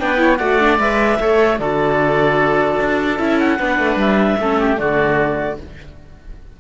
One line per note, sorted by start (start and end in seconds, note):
0.00 0.40 B3
0.00 0.17 D4
0.00 0.22 B4
0.00 0.37 G5
0.17 0.37 E4
0.17 0.38 C#5
0.37 0.79 A3
0.37 0.60 F#4
0.37 1.18 D5
0.37 0.77 F#5
0.60 0.80 D4
0.79 1.19 G#3
0.79 1.20 B4
0.79 1.59 E5
1.20 1.60 A3
1.20 1.60 A4
1.20 1.61 C#5
1.59 2.80 D3
1.59 3.19 F#4
1.59 3.59 A4
1.59 3.19 D5
2.80 3.19 D4
3.19 3.59 C#4
3.19 3.59 E4
3.19 3.39 E5
3.39 3.99 F#5
3.59 3.80 B3
3.59 4.39 D4
3.59 4.39 B4
3.80 3.96 A3
3.96 4.36 G3
3.96 4.78 E5
4.40 4.79 A3
4.40 4.77 C#4
4.40 4.60 A4
4.60 4.80 G4
4.77 5.59 D3
4.77 5.57 A3
4.77 5.60 F#4
4.77 5.58 D5